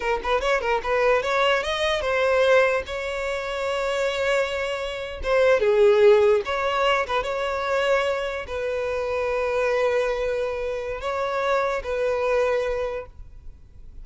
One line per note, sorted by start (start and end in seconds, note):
0.00 0.20 A#4
0.23 0.40 B4
0.40 0.60 C#5
0.60 0.81 A#4
0.83 1.22 B4
1.22 1.63 C#5
1.63 2.01 D#5
2.01 2.82 C5
2.86 5.21 C#5
5.23 5.60 C5
5.60 6.41 G#4
6.45 7.06 C#5
7.06 7.23 B4
7.23 8.45 C#5
8.47 11.00 B4
11.00 11.82 C#5
11.83 13.06 B4